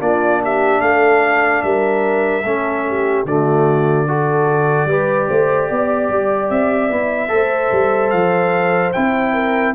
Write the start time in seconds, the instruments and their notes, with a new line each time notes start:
0.00 tuba A#3, trombone D4, horn F4, trumpet D5
0.43 horn G4, trumpet E5
0.81 tuba A3, horn A4, trumpet F5
1.62 tuba G3, horn A#4, trumpet E5
2.44 tuba A3, trombone C#4, horn A4
2.89 horn G4
3.25 tuba D3, trombone A3, horn F#4, trumpet D5
4.08 trombone F#4, horn A4
4.86 tuba G3, trombone G4, horn B4
5.28 tuba A3, horn C5
5.69 tuba B3, horn D5
6.10 tuba G3
6.50 tuba C4, trumpet E5
6.90 tuba B3, trombone E4
7.29 tuba A3, trombone A4, horn C5
7.72 tuba G3
8.11 tuba F3, trumpet F5
8.93 tuba C4, trombone E4, trumpet G5
9.33 horn A#4